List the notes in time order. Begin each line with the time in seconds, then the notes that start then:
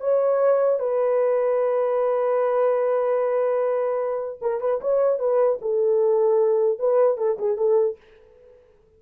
0.00 C#5
0.79 B4
4.41 A#4
4.60 B4
4.81 C#5
5.19 B4
5.61 A4
6.79 B4
7.17 A4
7.38 G#4
7.57 A4